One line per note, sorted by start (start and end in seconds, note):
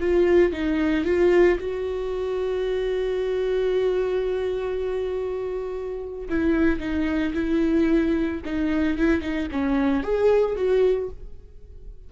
0.00 0.52 F4
0.52 1.05 D#4
1.05 1.59 F4
1.60 6.28 F#4
6.29 6.80 E4
6.80 7.33 D#4
7.34 8.41 E4
8.45 8.98 D#4
8.98 9.21 E4
9.21 9.48 D#4
9.52 10.03 C#4
10.03 10.56 G#4
10.56 11.09 F#4